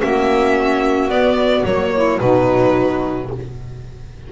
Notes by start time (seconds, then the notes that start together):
0.00 A#3 C#4 F#4 E5
1.08 B3 D5
1.65 F#3 A#3 C#5
1.94 E4
2.20 B2 F#3 D#4 B4